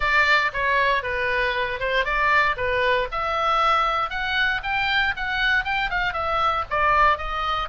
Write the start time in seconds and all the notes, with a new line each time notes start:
0.00 D5
0.53 C#5
1.03 B4
1.79 C5
2.04 D5
2.56 B4
3.11 E5
4.10 F#5
4.63 G5
5.16 F#5
5.64 G5
5.90 F5
6.13 E5
6.70 D5
7.17 D#5